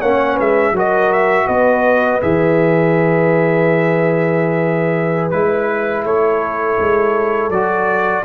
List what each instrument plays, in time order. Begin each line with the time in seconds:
0.00 tuba A#3, trombone C#4, horn C#5, trumpet F#5
0.34 tuba G#3, horn B4, trumpet E5
0.71 tuba F#3, trombone F#4, horn A#4
0.78 trumpet D#5
1.12 trumpet E5
1.46 tuba B3, horn B4, trumpet D#5
2.21 tuba E3, trombone G#4, trumpet E5
5.30 tuba G#3, trombone E4, trumpet B4
6.04 tuba A3, horn A4, trumpet C#5
6.79 tuba G#3
7.49 tuba F#3, trombone F#4, trumpet D5